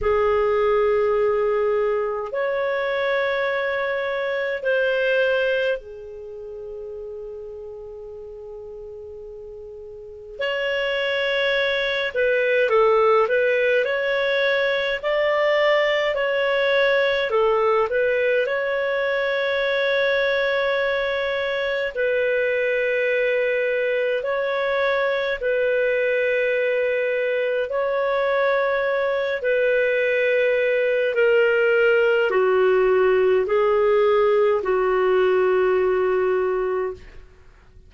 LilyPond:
\new Staff \with { instrumentName = "clarinet" } { \time 4/4 \tempo 4 = 52 gis'2 cis''2 | c''4 gis'2.~ | gis'4 cis''4. b'8 a'8 b'8 | cis''4 d''4 cis''4 a'8 b'8 |
cis''2. b'4~ | b'4 cis''4 b'2 | cis''4. b'4. ais'4 | fis'4 gis'4 fis'2 | }